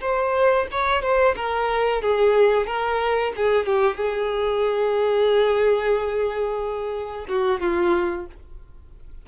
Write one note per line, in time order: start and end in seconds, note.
0.00 0.66 C5
0.71 1.02 C#5
1.02 1.35 C5
1.35 2.01 A#4
2.01 2.66 G#4
2.66 3.32 A#4
3.36 3.65 G#4
3.65 3.96 G4
3.96 7.26 G#4
7.28 7.60 F#4
7.60 8.26 F4